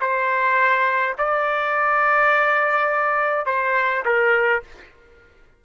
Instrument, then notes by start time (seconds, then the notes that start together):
trumpet
0.00 C5
1.18 D5
3.46 C5
4.05 A#4